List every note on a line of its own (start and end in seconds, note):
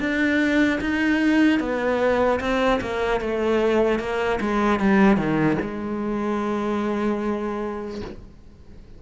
0.00 0.80 D4
0.81 1.60 D#4
1.60 2.40 B3
2.40 2.80 C4
2.81 3.21 A#3
3.21 4.00 A3
4.00 4.40 A#3
4.41 4.80 G#3
4.80 5.17 G3
5.17 5.57 D#3
5.62 8.02 G#3